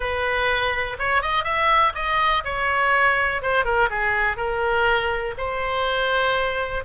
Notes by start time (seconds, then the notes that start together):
0.00 B4
0.98 C#5
1.22 D#5
1.43 E5
1.94 D#5
2.44 C#5
3.42 C5
3.65 A#4
3.90 G#4
4.37 A#4
5.37 C5